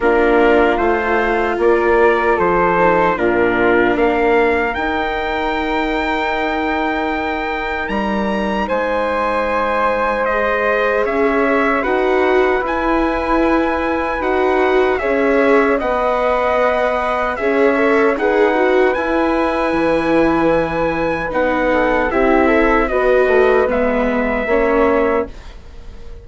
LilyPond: <<
  \new Staff \with { instrumentName = "trumpet" } { \time 4/4 \tempo 4 = 76 ais'4 c''4 d''4 c''4 | ais'4 f''4 g''2~ | g''2 ais''4 gis''4~ | gis''4 dis''4 e''4 fis''4 |
gis''2 fis''4 e''4 | fis''2 e''4 fis''4 | gis''2. fis''4 | e''4 dis''4 e''2 | }
  \new Staff \with { instrumentName = "flute" } { \time 4/4 f'2 ais'4 a'4 | f'4 ais'2.~ | ais'2. c''4~ | c''2 cis''4 b'4~ |
b'2. cis''4 | dis''2 cis''4 b'4~ | b'2.~ b'8 a'8 | g'8 a'8 b'2 cis''4 | }
  \new Staff \with { instrumentName = "viola" } { \time 4/4 d'4 f'2~ f'8 dis'8 | d'2 dis'2~ | dis'1~ | dis'4 gis'2 fis'4 |
e'2 fis'4 gis'4 | b'2 gis'8 a'8 gis'8 fis'8 | e'2. dis'4 | e'4 fis'4 b4 cis'4 | }
  \new Staff \with { instrumentName = "bassoon" } { \time 4/4 ais4 a4 ais4 f4 | ais,4 ais4 dis'2~ | dis'2 g4 gis4~ | gis2 cis'4 dis'4 |
e'2 dis'4 cis'4 | b2 cis'4 dis'4 | e'4 e2 b4 | c'4 b8 a8 gis4 ais4 | }
>>